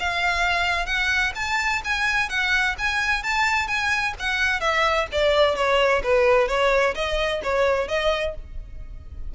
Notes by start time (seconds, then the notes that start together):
0.00 F5
0.86 F#5
1.36 A5
1.85 G#5
2.30 F#5
2.79 G#5
3.24 A5
3.68 G#5
4.20 F#5
4.61 E5
5.13 D5
5.56 C#5
6.04 B4
6.48 C#5
6.95 D#5
7.44 C#5
7.89 D#5